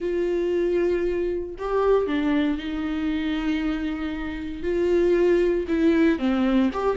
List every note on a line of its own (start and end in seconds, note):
0.00 1.55 F4
1.58 2.07 G4
2.07 2.57 D4
2.57 4.62 D#4
4.62 5.66 F4
5.68 6.18 E4
6.18 6.70 C4
6.73 6.96 G4